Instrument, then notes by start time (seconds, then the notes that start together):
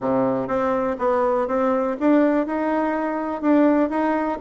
bassoon
0.00 C3
0.47 C4
0.98 B3
1.47 C4
2.00 D4
2.46 D#4
3.41 D4
3.89 D#4